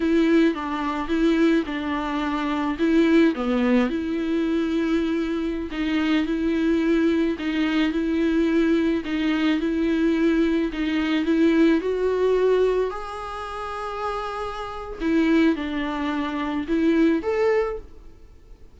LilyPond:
\new Staff \with { instrumentName = "viola" } { \time 4/4 \tempo 4 = 108 e'4 d'4 e'4 d'4~ | d'4 e'4 b4 e'4~ | e'2~ e'16 dis'4 e'8.~ | e'4~ e'16 dis'4 e'4.~ e'16~ |
e'16 dis'4 e'2 dis'8.~ | dis'16 e'4 fis'2 gis'8.~ | gis'2. e'4 | d'2 e'4 a'4 | }